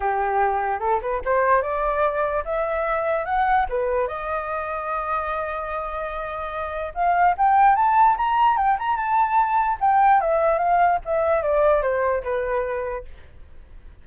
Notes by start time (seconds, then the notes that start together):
0.00 G4
0.80 A4
1.01 B4
1.24 C5
1.61 D5
2.44 E5
3.25 F#5
3.69 B4
4.07 D#5
6.94 F5
7.37 G5
7.75 A5
8.17 A#5
8.57 G5
8.78 A#5
8.96 A5
9.80 G5
10.20 E5
10.58 F5
11.05 E5
11.42 D5
11.82 C5
12.23 B4